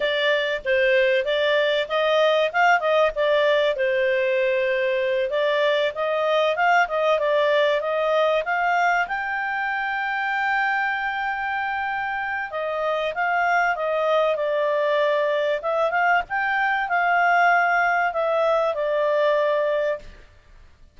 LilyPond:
\new Staff \with { instrumentName = "clarinet" } { \time 4/4 \tempo 4 = 96 d''4 c''4 d''4 dis''4 | f''8 dis''8 d''4 c''2~ | c''8 d''4 dis''4 f''8 dis''8 d''8~ | d''8 dis''4 f''4 g''4.~ |
g''1 | dis''4 f''4 dis''4 d''4~ | d''4 e''8 f''8 g''4 f''4~ | f''4 e''4 d''2 | }